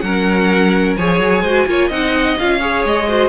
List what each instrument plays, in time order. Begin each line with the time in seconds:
0.00 cello F#3, viola C#4, violin A#4 F#5
0.96 cello F3, viola G#4, violin C#5 G#5
1.19 cello F#3
1.42 cello G#3, viola F#4, violin C5
1.66 cello A#3, viola F4, violin C#5
1.87 cello C4, viola D#4, violin D#5 F#5
2.38 cello C#4, viola F4, violin F5
2.60 viola G#4, violin C#5
2.85 cello G#3, violin D#5
3.08 viola F#4, violin C5